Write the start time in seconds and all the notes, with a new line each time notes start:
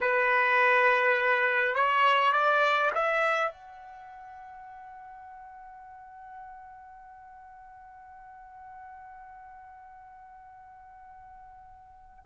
0.00 B4
1.74 C#5
2.32 D5
2.94 E5
3.51 F#5